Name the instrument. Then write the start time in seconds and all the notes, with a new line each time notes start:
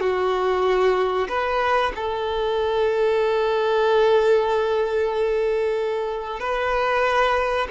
violin
0.00 F#4
1.28 B4
1.95 A4
6.39 B4